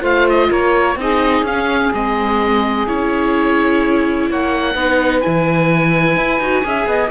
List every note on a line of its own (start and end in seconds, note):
0.00 0.49 A3
0.00 0.94 F4
0.00 0.48 C5
0.00 0.28 F5
0.29 0.51 D#5
0.50 0.96 A#3
0.50 0.97 A#4
0.50 0.99 C#5
0.96 1.42 C4
0.96 1.46 D#4
0.96 4.29 G#4
0.96 1.46 D#5
1.42 1.89 C#4
1.42 1.93 C#4
1.42 1.93 F5
1.93 2.88 G#3
1.93 2.87 C4
1.93 2.88 D#5
2.87 4.30 C#4
2.87 4.76 E4
2.87 4.29 C#5
4.29 4.75 A#3
4.29 4.74 C#5
4.29 5.21 F#5
4.74 5.22 B3
4.74 5.21 D#4
4.74 6.63 B4
5.21 6.40 E4
5.21 7.10 G#5
5.27 6.16 E3
6.16 6.39 E4
6.39 6.63 D#4
6.39 6.64 F#4
6.64 6.86 C#4
6.64 7.11 G#4
6.64 6.89 E5
6.86 7.10 B3
6.86 7.11 D#5